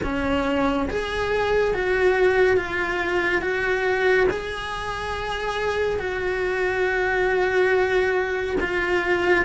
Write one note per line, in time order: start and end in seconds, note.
0.03 0.88 C#4
0.89 1.74 G#4
1.74 2.56 F#4
2.56 3.41 F4
3.41 4.27 F#4
4.30 5.99 G#4
5.99 8.56 F#4
8.60 9.45 F4